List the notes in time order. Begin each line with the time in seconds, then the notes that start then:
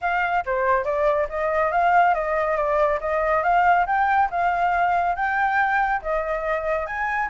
0.01 F5
0.45 C5
0.84 D5
1.29 D#5
1.71 F5
2.14 D#5
2.56 D5
3.00 D#5
3.43 F5
3.86 G5
4.30 F5
5.15 G5
6.02 D#5
6.86 G#5